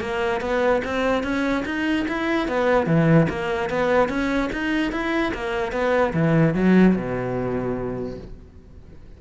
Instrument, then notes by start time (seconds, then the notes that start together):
cello
0.00 A#3
0.40 B3
0.84 C4
1.23 C#4
1.65 D#4
2.08 E4
2.48 B3
2.86 E3
3.29 A#3
3.70 B3
4.09 C#4
4.52 D#4
4.92 E4
5.34 A#3
5.72 B3
6.13 E3
6.54 F#3
6.95 B2